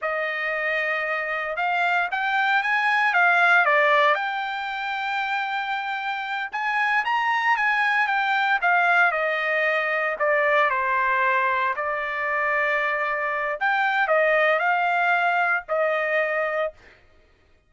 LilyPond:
\new Staff \with { instrumentName = "trumpet" } { \time 4/4 \tempo 4 = 115 dis''2. f''4 | g''4 gis''4 f''4 d''4 | g''1~ | g''8 gis''4 ais''4 gis''4 g''8~ |
g''8 f''4 dis''2 d''8~ | d''8 c''2 d''4.~ | d''2 g''4 dis''4 | f''2 dis''2 | }